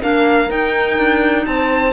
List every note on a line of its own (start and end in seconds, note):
0.00 0.50 A#3
0.00 0.48 D4
0.00 1.46 A#4
0.00 0.50 F5
0.48 1.93 D#4
0.48 0.98 D#4
0.48 1.45 G5
0.98 1.46 D4
1.45 1.93 C4
1.45 1.93 C5
1.45 1.93 A5